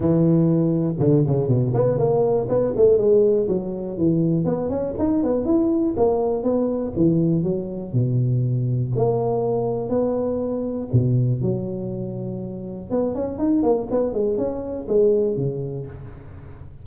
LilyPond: \new Staff \with { instrumentName = "tuba" } { \time 4/4 \tempo 4 = 121 e2 d8 cis8 b,8 b8 | ais4 b8 a8 gis4 fis4 | e4 b8 cis'8 dis'8 b8 e'4 | ais4 b4 e4 fis4 |
b,2 ais2 | b2 b,4 fis4~ | fis2 b8 cis'8 dis'8 ais8 | b8 gis8 cis'4 gis4 cis4 | }